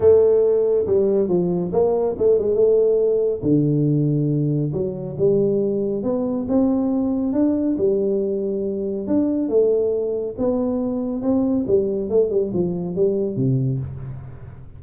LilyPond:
\new Staff \with { instrumentName = "tuba" } { \time 4/4 \tempo 4 = 139 a2 g4 f4 | ais4 a8 gis8 a2 | d2. fis4 | g2 b4 c'4~ |
c'4 d'4 g2~ | g4 d'4 a2 | b2 c'4 g4 | a8 g8 f4 g4 c4 | }